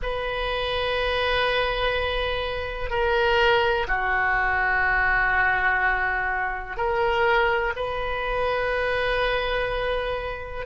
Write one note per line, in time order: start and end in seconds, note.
0.02 2.90 B4
2.90 3.87 A#4
3.87 6.76 F#4
6.76 7.73 A#4
7.76 10.66 B4